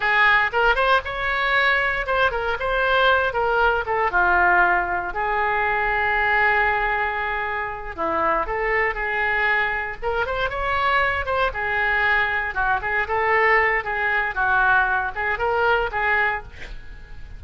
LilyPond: \new Staff \with { instrumentName = "oboe" } { \time 4/4 \tempo 4 = 117 gis'4 ais'8 c''8 cis''2 | c''8 ais'8 c''4. ais'4 a'8 | f'2 gis'2~ | gis'2.~ gis'8 e'8~ |
e'8 a'4 gis'2 ais'8 | c''8 cis''4. c''8 gis'4.~ | gis'8 fis'8 gis'8 a'4. gis'4 | fis'4. gis'8 ais'4 gis'4 | }